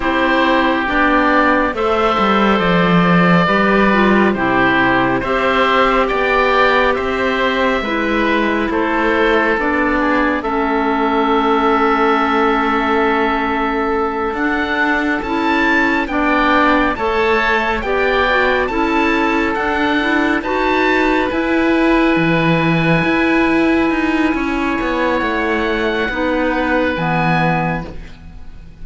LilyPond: <<
  \new Staff \with { instrumentName = "oboe" } { \time 4/4 \tempo 4 = 69 c''4 d''4 e''4 d''4~ | d''4 c''4 e''4 g''4 | e''2 c''4 d''4 | e''1~ |
e''8 fis''4 a''4 g''4 a''8~ | a''8 g''4 a''4 fis''4 a''8~ | a''8 gis''2.~ gis''8~ | gis''4 fis''2 gis''4 | }
  \new Staff \with { instrumentName = "oboe" } { \time 4/4 g'2 c''2 | b'4 g'4 c''4 d''4 | c''4 b'4 a'4. gis'8 | a'1~ |
a'2~ a'8 d''4 cis''8~ | cis''8 d''4 a'2 b'8~ | b'1 | cis''2 b'2 | }
  \new Staff \with { instrumentName = "clarinet" } { \time 4/4 e'4 d'4 a'2 | g'8 f'8 e'4 g'2~ | g'4 e'2 d'4 | cis'1~ |
cis'8 d'4 e'4 d'4 a'8~ | a'8 g'8 fis'8 e'4 d'8 e'8 fis'8~ | fis'8 e'2.~ e'8~ | e'2 dis'4 b4 | }
  \new Staff \with { instrumentName = "cello" } { \time 4/4 c'4 b4 a8 g8 f4 | g4 c4 c'4 b4 | c'4 gis4 a4 b4 | a1~ |
a8 d'4 cis'4 b4 a8~ | a8 b4 cis'4 d'4 dis'8~ | dis'8 e'4 e4 e'4 dis'8 | cis'8 b8 a4 b4 e4 | }
>>